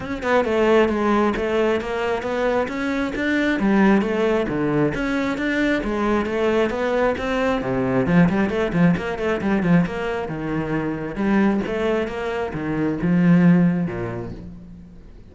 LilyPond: \new Staff \with { instrumentName = "cello" } { \time 4/4 \tempo 4 = 134 cis'8 b8 a4 gis4 a4 | ais4 b4 cis'4 d'4 | g4 a4 d4 cis'4 | d'4 gis4 a4 b4 |
c'4 c4 f8 g8 a8 f8 | ais8 a8 g8 f8 ais4 dis4~ | dis4 g4 a4 ais4 | dis4 f2 ais,4 | }